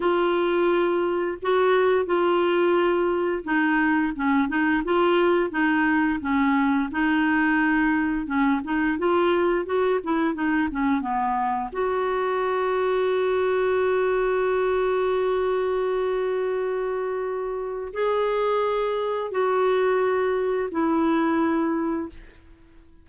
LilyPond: \new Staff \with { instrumentName = "clarinet" } { \time 4/4 \tempo 4 = 87 f'2 fis'4 f'4~ | f'4 dis'4 cis'8 dis'8 f'4 | dis'4 cis'4 dis'2 | cis'8 dis'8 f'4 fis'8 e'8 dis'8 cis'8 |
b4 fis'2.~ | fis'1~ | fis'2 gis'2 | fis'2 e'2 | }